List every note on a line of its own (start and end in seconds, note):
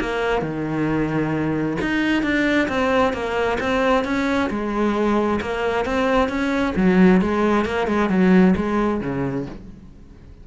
0.00 0.42 A#3
0.42 1.77 D#3
1.81 2.23 D#4
2.23 2.68 D4
2.68 3.13 C4
3.13 3.58 A#3
3.60 4.04 C4
4.04 4.49 C#4
4.50 5.40 G#3
5.41 5.85 A#3
5.85 6.29 C4
6.29 6.74 C#4
6.76 7.21 F#3
7.21 7.65 G#3
7.65 7.87 A#3
7.87 8.09 G#3
8.09 8.54 F#3
8.56 9.01 G#3
9.01 9.46 C#3